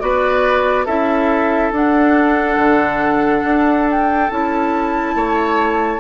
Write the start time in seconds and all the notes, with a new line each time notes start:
0.00 B3 F#4 B4 D5
0.85 C#4 E4 A4 E5
1.72 D4 F#5
2.57 D3
3.44 D4
3.91 G5
4.30 C#4 E4 A5
5.15 A3 C#5